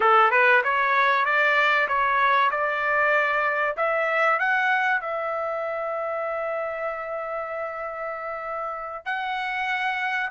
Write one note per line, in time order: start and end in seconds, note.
0.00 0.30 A4
0.30 0.61 B4
0.63 1.25 C#5
1.25 1.88 D5
1.88 2.50 C#5
2.51 3.76 D5
3.76 4.39 E5
4.39 5.00 F#5
5.00 9.05 E5
9.05 10.30 F#5